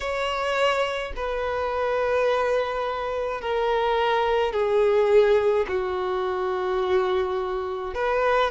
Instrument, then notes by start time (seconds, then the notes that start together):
violin
0.00 C#5
1.16 B4
3.41 A#4
4.52 G#4
5.68 F#4
7.94 B4